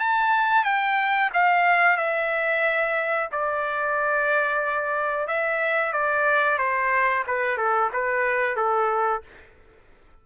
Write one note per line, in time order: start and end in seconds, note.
0.00 0.64 A5
0.64 1.30 G5
1.34 1.97 F5
1.97 3.29 E5
3.32 5.28 D5
5.28 5.93 E5
5.93 6.58 D5
6.58 7.24 C5
7.27 7.57 B4
7.57 7.90 A4
7.93 8.57 B4
8.57 9.22 A4